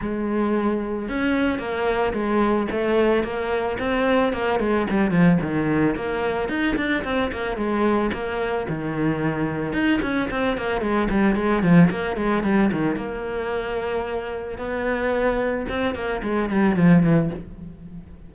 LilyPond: \new Staff \with { instrumentName = "cello" } { \time 4/4 \tempo 4 = 111 gis2 cis'4 ais4 | gis4 a4 ais4 c'4 | ais8 gis8 g8 f8 dis4 ais4 | dis'8 d'8 c'8 ais8 gis4 ais4 |
dis2 dis'8 cis'8 c'8 ais8 | gis8 g8 gis8 f8 ais8 gis8 g8 dis8 | ais2. b4~ | b4 c'8 ais8 gis8 g8 f8 e8 | }